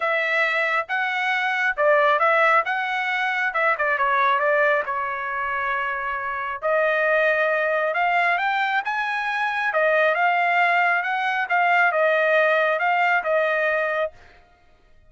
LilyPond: \new Staff \with { instrumentName = "trumpet" } { \time 4/4 \tempo 4 = 136 e''2 fis''2 | d''4 e''4 fis''2 | e''8 d''8 cis''4 d''4 cis''4~ | cis''2. dis''4~ |
dis''2 f''4 g''4 | gis''2 dis''4 f''4~ | f''4 fis''4 f''4 dis''4~ | dis''4 f''4 dis''2 | }